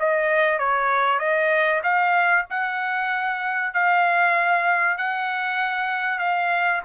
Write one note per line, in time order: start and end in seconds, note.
0.00 0.59 D#5
0.59 1.20 C#5
1.20 1.82 D#5
1.84 2.46 F5
2.51 3.74 F#5
3.74 4.98 F5
4.98 6.19 F#5
6.19 6.82 F5